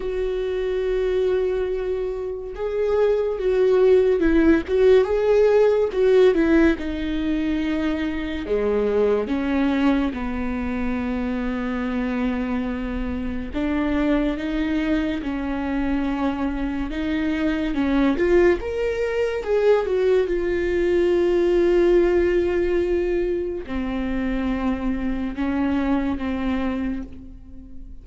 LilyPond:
\new Staff \with { instrumentName = "viola" } { \time 4/4 \tempo 4 = 71 fis'2. gis'4 | fis'4 e'8 fis'8 gis'4 fis'8 e'8 | dis'2 gis4 cis'4 | b1 |
d'4 dis'4 cis'2 | dis'4 cis'8 f'8 ais'4 gis'8 fis'8 | f'1 | c'2 cis'4 c'4 | }